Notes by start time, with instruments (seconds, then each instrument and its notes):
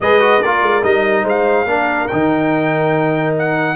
0.00 tuba G#3, trombone G#4, horn B4, trumpet D#5
0.20 trombone F#4
0.42 tuba A#3, trombone F4, horn A#4, trumpet D5
0.62 tuba G#3
0.82 tuba G3, trombone D#4, trumpet D#5
1.23 tuba G#3, horn C5, trumpet F5
1.65 tuba A#3, trombone D4, horn A#4
2.07 tuba D#3, trombone D#4, trumpet G5
3.38 trumpet F#5